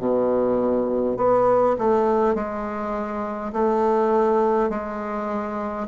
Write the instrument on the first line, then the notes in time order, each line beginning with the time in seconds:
bassoon
0.00 B2
1.18 B3
1.79 A3
2.35 G#3
3.53 A3
4.70 G#3